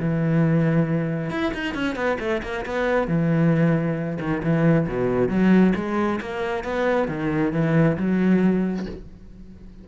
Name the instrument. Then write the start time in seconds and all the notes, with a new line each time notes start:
cello
0.00 E3
1.31 E4
1.54 D#4
1.75 C#4
1.96 B3
2.20 A3
2.43 A#3
2.66 B3
3.08 E3
4.20 D#3
4.43 E3
4.89 B2
5.29 F#3
5.76 G#3
6.21 A#3
6.64 B3
7.08 D#3
7.53 E3
7.98 F#3